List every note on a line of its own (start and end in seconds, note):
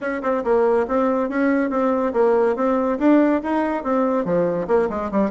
0.00 0.22 C#4
0.22 0.43 C4
0.44 0.86 A#3
0.87 1.29 C4
1.29 1.70 C#4
1.70 2.12 C4
2.13 2.55 A#3
2.56 2.98 C4
2.99 3.41 D4
3.43 3.83 D#4
3.83 4.24 C4
4.24 4.67 F3
4.67 4.89 A#3
4.89 5.10 G#3
5.11 5.30 G3